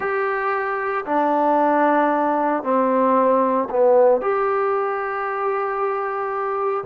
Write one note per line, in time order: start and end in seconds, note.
0.00 1.04 G4
1.05 2.63 D4
2.63 3.68 C4
3.69 4.21 B3
4.21 6.84 G4